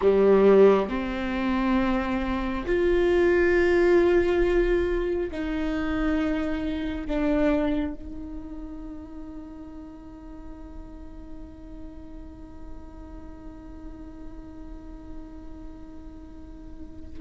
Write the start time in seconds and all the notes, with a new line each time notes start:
0.01 G3
0.89 C4
2.66 F4
5.31 D#4
7.06 D4
7.94 D#4